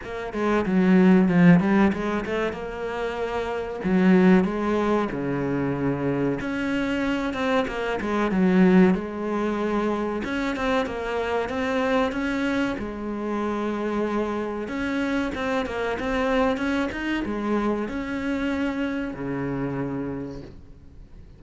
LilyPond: \new Staff \with { instrumentName = "cello" } { \time 4/4 \tempo 4 = 94 ais8 gis8 fis4 f8 g8 gis8 a8 | ais2 fis4 gis4 | cis2 cis'4. c'8 | ais8 gis8 fis4 gis2 |
cis'8 c'8 ais4 c'4 cis'4 | gis2. cis'4 | c'8 ais8 c'4 cis'8 dis'8 gis4 | cis'2 cis2 | }